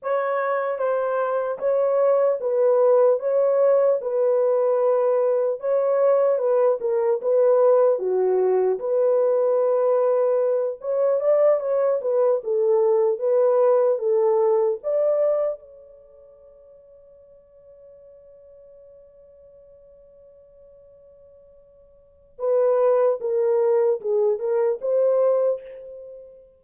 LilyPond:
\new Staff \with { instrumentName = "horn" } { \time 4/4 \tempo 4 = 75 cis''4 c''4 cis''4 b'4 | cis''4 b'2 cis''4 | b'8 ais'8 b'4 fis'4 b'4~ | b'4. cis''8 d''8 cis''8 b'8 a'8~ |
a'8 b'4 a'4 d''4 cis''8~ | cis''1~ | cis''1 | b'4 ais'4 gis'8 ais'8 c''4 | }